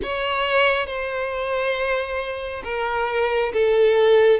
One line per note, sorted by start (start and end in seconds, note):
0.02 0.86 C#5
0.86 2.62 C5
2.64 3.52 A#4
3.53 4.40 A4